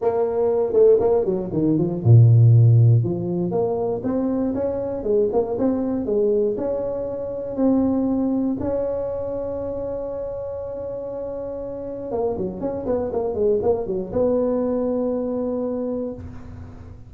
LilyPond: \new Staff \with { instrumentName = "tuba" } { \time 4/4 \tempo 4 = 119 ais4. a8 ais8 fis8 dis8 f8 | ais,2 f4 ais4 | c'4 cis'4 gis8 ais8 c'4 | gis4 cis'2 c'4~ |
c'4 cis'2.~ | cis'1 | ais8 fis8 cis'8 b8 ais8 gis8 ais8 fis8 | b1 | }